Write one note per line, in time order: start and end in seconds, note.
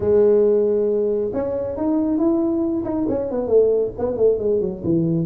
0.00 1.31 G#3
1.33 1.76 C#4
1.76 2.18 D#4
2.18 2.83 E4
2.84 3.06 D#4
3.08 3.30 C#4
3.30 3.47 B3
3.47 3.91 A3
3.98 4.16 B3
4.16 4.38 A3
4.39 4.60 G#3
4.60 4.82 F#3
4.84 5.26 E3